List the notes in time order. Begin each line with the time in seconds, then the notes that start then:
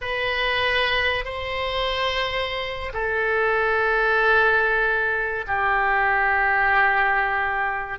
0.01 B4
1.24 C5
2.93 A4
5.47 G4